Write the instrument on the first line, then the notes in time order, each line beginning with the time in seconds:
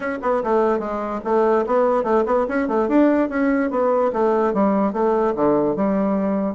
bassoon
0.00 C#4
0.22 B3
0.43 A3
0.79 G#3
1.24 A3
1.66 B3
2.03 A3
2.25 B3
2.48 C#4
2.67 A3
2.88 D4
3.29 C#4
3.70 B3
4.12 A3
4.53 G3
4.92 A3
5.35 D3
5.75 G3